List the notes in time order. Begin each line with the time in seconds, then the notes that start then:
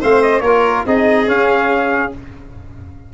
0.00 A3 C4 C5 F5
0.23 D#5
0.41 A#3 F4 A#4 C#5
0.86 C4 D#4 G#4 D#5
1.27 C#4 F5